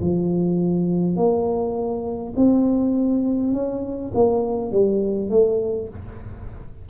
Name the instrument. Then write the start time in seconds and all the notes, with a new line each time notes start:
tuba
0.00 F3
1.16 A#3
2.36 C4
3.52 C#4
4.14 A#3
4.71 G3
5.29 A3